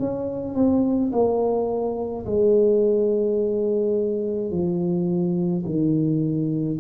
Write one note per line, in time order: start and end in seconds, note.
0.00 0.55 C#4
0.55 1.12 C4
1.12 2.25 A#3
2.26 4.51 G#3
4.51 5.64 F3
5.66 6.79 D#3